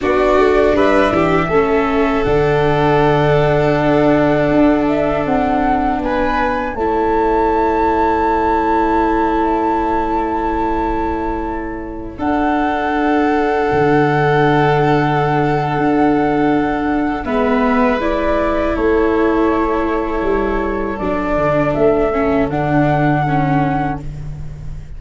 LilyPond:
<<
  \new Staff \with { instrumentName = "flute" } { \time 4/4 \tempo 4 = 80 d''4 e''2 fis''4~ | fis''2~ fis''8 e''8 fis''4 | gis''4 a''2.~ | a''1~ |
a''16 fis''2.~ fis''8.~ | fis''2. e''4 | d''4 cis''2. | d''4 e''4 fis''2 | }
  \new Staff \with { instrumentName = "violin" } { \time 4/4 fis'4 b'8 g'8 a'2~ | a'1 | b'4 cis''2.~ | cis''1~ |
cis''16 a'2.~ a'8.~ | a'2. b'4~ | b'4 a'2.~ | a'1 | }
  \new Staff \with { instrumentName = "viola" } { \time 4/4 d'2 cis'4 d'4~ | d'1~ | d'4 e'2.~ | e'1~ |
e'16 d'2.~ d'8.~ | d'2. b4 | e'1 | d'4. cis'8 d'4 cis'4 | }
  \new Staff \with { instrumentName = "tuba" } { \time 4/4 b8 a8 g8 e8 a4 d4~ | d2 d'4 c'4 | b4 a2.~ | a1~ |
a16 d'2 d4.~ d16~ | d4 d'2 gis4~ | gis4 a2 g4 | fis8 d8 a4 d2 | }
>>